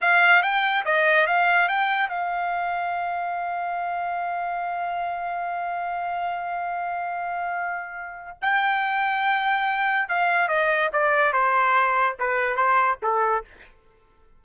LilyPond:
\new Staff \with { instrumentName = "trumpet" } { \time 4/4 \tempo 4 = 143 f''4 g''4 dis''4 f''4 | g''4 f''2.~ | f''1~ | f''1~ |
f''1 | g''1 | f''4 dis''4 d''4 c''4~ | c''4 b'4 c''4 a'4 | }